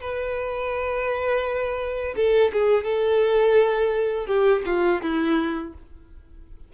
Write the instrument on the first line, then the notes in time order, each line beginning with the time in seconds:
violin
0.00 B4
2.16 A4
2.53 G#4
2.83 A4
4.26 G4
4.65 F4
5.02 E4